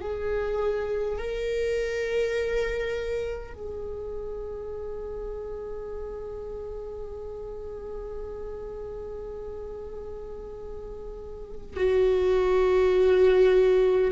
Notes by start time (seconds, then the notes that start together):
0.00 G#4
1.18 A#4
3.53 G#4
11.76 F#4